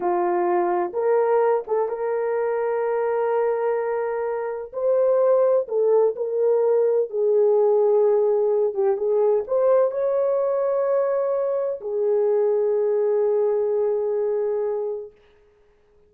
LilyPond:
\new Staff \with { instrumentName = "horn" } { \time 4/4 \tempo 4 = 127 f'2 ais'4. a'8 | ais'1~ | ais'2 c''2 | a'4 ais'2 gis'4~ |
gis'2~ gis'8 g'8 gis'4 | c''4 cis''2.~ | cis''4 gis'2.~ | gis'1 | }